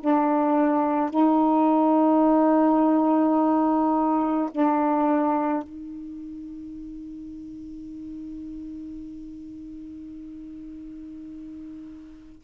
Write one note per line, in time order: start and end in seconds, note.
0.00 1.10 D4
1.10 4.50 D#4
4.51 5.62 D4
5.62 12.42 D#4